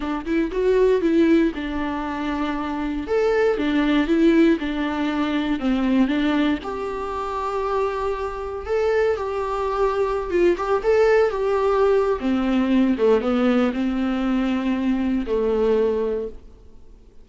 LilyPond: \new Staff \with { instrumentName = "viola" } { \time 4/4 \tempo 4 = 118 d'8 e'8 fis'4 e'4 d'4~ | d'2 a'4 d'4 | e'4 d'2 c'4 | d'4 g'2.~ |
g'4 a'4 g'2~ | g'16 f'8 g'8 a'4 g'4.~ g'16 | c'4. a8 b4 c'4~ | c'2 a2 | }